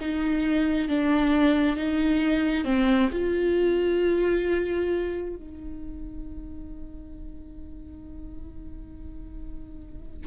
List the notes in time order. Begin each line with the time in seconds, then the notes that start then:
0.00 D#4
0.88 D4
1.76 D#4
2.64 C4
3.12 F4
5.36 D#4